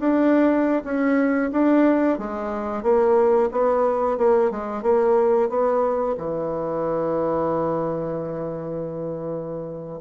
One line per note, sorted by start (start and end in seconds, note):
0.00 0.83 D4
0.85 1.52 C#4
1.52 2.19 D4
2.19 2.83 G#3
2.83 3.50 A#3
3.52 4.18 B3
4.18 4.51 A#3
4.51 4.83 G#3
4.83 5.49 A#3
5.50 6.16 B3
6.18 10.01 E3